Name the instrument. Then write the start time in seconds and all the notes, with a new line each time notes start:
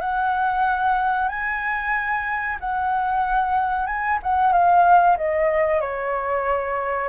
flute
0.00 F#5
1.28 G#5
2.60 F#5
3.86 G#5
4.23 F#5
4.52 F5
5.17 D#5
5.81 C#5